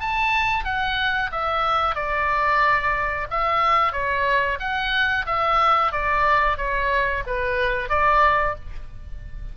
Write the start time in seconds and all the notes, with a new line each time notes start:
0.00 A5
0.64 F#5
1.32 E5
1.95 D5
3.30 E5
3.92 C#5
4.60 F#5
5.26 E5
5.92 D5
6.57 C#5
7.26 B4
7.89 D5